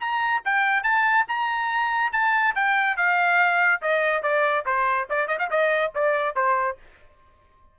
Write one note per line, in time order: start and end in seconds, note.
0.00 0.42 A#5
0.45 0.83 G5
0.83 1.26 A5
1.28 2.13 A#5
2.13 2.55 A5
2.55 2.97 G5
2.97 3.81 F5
3.82 4.23 D#5
4.23 4.65 D5
4.66 5.08 C5
5.10 5.28 D5
5.28 5.38 D#5
5.39 5.49 F5
5.50 5.93 D#5
5.95 6.36 D5
6.36 6.78 C5